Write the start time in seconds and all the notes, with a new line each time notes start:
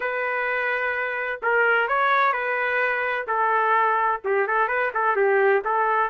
0.00 B4
1.42 A#4
1.88 C#5
2.32 B4
3.27 A4
4.24 G4
4.47 A4
4.67 B4
4.94 A4
5.16 G4
5.64 A4